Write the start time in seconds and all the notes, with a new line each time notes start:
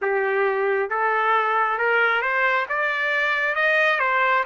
0.01 G4
0.89 A4
1.78 A#4
2.21 C5
2.68 D5
3.55 D#5
3.99 C5